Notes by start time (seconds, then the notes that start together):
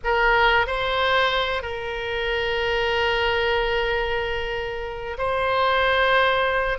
0.04 A#4
0.66 C5
1.62 A#4
5.18 C5